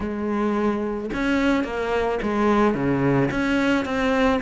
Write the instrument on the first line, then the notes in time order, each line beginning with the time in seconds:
cello
0.00 G#3
1.13 C#4
1.64 A#3
2.22 G#3
2.74 C#3
3.30 C#4
3.85 C4